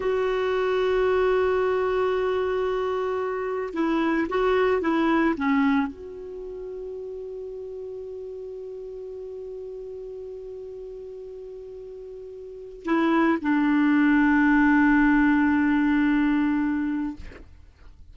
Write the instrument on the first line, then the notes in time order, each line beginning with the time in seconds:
clarinet
0.00 F#4
3.73 E4
4.29 F#4
4.81 E4
5.37 C#4
5.87 F#4
12.84 E4
13.41 D4